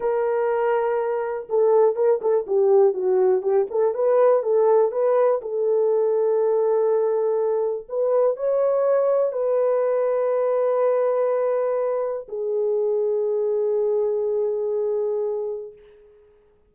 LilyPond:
\new Staff \with { instrumentName = "horn" } { \time 4/4 \tempo 4 = 122 ais'2. a'4 | ais'8 a'8 g'4 fis'4 g'8 a'8 | b'4 a'4 b'4 a'4~ | a'1 |
b'4 cis''2 b'4~ | b'1~ | b'4 gis'2.~ | gis'1 | }